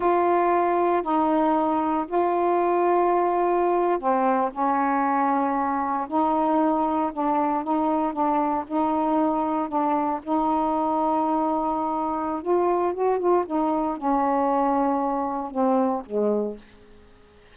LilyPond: \new Staff \with { instrumentName = "saxophone" } { \time 4/4 \tempo 4 = 116 f'2 dis'2 | f'2.~ f'8. c'16~ | c'8. cis'2. dis'16~ | dis'4.~ dis'16 d'4 dis'4 d'16~ |
d'8. dis'2 d'4 dis'16~ | dis'1 | f'4 fis'8 f'8 dis'4 cis'4~ | cis'2 c'4 gis4 | }